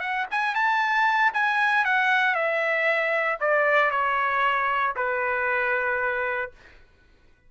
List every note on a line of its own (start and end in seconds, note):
0.00 0.26 F#5
0.31 0.55 G#5
0.55 1.32 A5
1.34 1.85 G#5
1.85 2.35 F#5
2.35 3.38 E5
3.40 3.91 D5
3.91 4.94 C#5
4.96 6.51 B4